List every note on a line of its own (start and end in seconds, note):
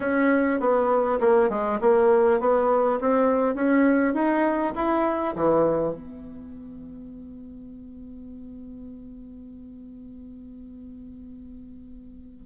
0.00 0.59 C#4
0.59 1.19 B3
1.20 1.49 A#3
1.49 1.79 G#3
1.80 2.40 A#3
2.40 2.99 B3
3.00 3.54 C4
3.54 4.14 C#4
4.14 4.73 D#4
4.75 5.34 E4
5.35 5.93 E3
5.93 12.45 B3